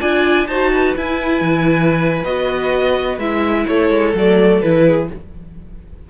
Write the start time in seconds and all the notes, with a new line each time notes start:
0.00 D4 F4 D5 G#5
0.46 D#4 F#4 C5 A5
0.72 B4
0.95 E4 G#5
1.41 E3
2.24 B3 F#4 D#5
3.18 G#3 E4 E5
3.67 A3 A4 C#5
3.89 G#3
4.14 F#3 A3 D5
4.61 E3 E4 B4
4.84 G#4